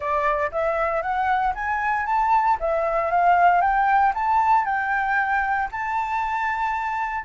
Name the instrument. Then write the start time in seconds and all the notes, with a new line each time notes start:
flute
0.00 D5
0.51 E5
1.02 F#5
1.54 G#5
2.05 A5
2.60 E5
3.11 F5
3.61 G5
4.14 A5
4.65 G5
5.71 A5